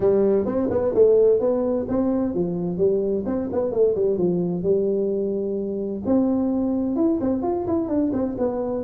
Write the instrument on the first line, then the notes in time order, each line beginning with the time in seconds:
tuba
0.00 G3
0.45 C4
0.70 B3
0.94 A3
1.40 B3
1.88 C4
2.34 F3
2.77 G3
3.26 C4
3.52 B3
3.71 A3
3.95 G3
4.17 F3
4.63 G3
6.05 C4
6.96 E4
7.21 C4
7.42 F4
7.67 E4
7.88 D4
8.12 C4
8.38 B3